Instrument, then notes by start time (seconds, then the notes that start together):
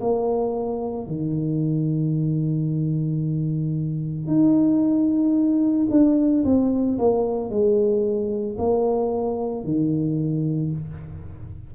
tuba
0.00 A#3
1.07 D#3
4.27 D#4
5.90 D4
6.44 C4
6.98 A#3
7.50 G#3
8.58 A#3
9.64 D#3